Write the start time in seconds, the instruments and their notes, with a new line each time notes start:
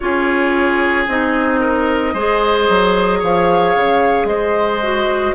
0.00 bassoon C#4, clarinet F4, oboe G#4, flute C#5
1.07 bassoon C4, clarinet D#4, flute D#5
1.60 oboe A#4
2.13 bassoon G#3, clarinet G#4, oboe C5
2.69 bassoon F#3
3.19 bassoon F3, oboe C#5, flute F5
3.75 bassoon C#3
4.24 bassoon G#3, oboe C5, flute D#5
4.82 clarinet F#4